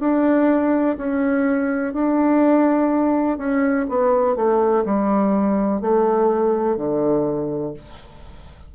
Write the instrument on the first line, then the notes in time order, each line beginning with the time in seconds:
bassoon
0.00 D4
0.97 C#4
1.94 D4
3.38 C#4
3.89 B3
4.35 A3
4.85 G3
5.81 A3
6.77 D3